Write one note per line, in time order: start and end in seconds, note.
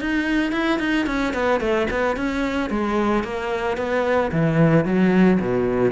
0.00 0.52 D#4
0.52 0.79 E4
0.79 1.06 D#4
1.06 1.33 C#4
1.33 1.60 B3
1.60 1.87 A3
1.90 2.16 B3
2.16 2.70 C#4
2.70 3.23 G#3
3.23 3.77 A#3
3.77 4.31 B3
4.32 4.85 E3
4.85 5.39 F#3
5.40 5.92 B2